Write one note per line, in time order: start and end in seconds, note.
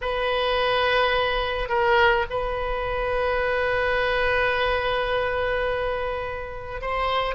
0.01 1.69 B4
1.69 2.25 A#4
2.30 6.81 B4
6.81 7.35 C5